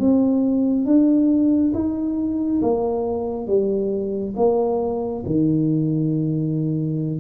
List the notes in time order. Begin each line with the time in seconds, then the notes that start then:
0.00 C4
0.86 D4
1.74 D#4
2.62 A#3
3.48 G3
4.37 A#3
5.26 D#3